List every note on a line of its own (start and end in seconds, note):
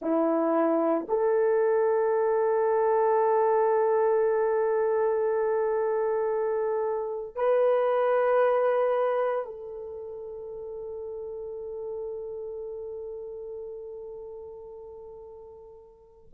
0.01 1.06 E4
1.08 7.35 A4
7.35 9.44 B4
9.44 16.29 A4